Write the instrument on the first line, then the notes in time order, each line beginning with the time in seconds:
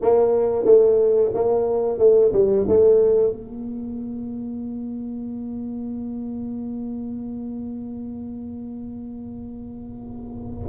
tuba
0.01 A#3
0.65 A3
1.34 A#3
1.98 A3
2.32 G3
2.67 A3
3.32 A#3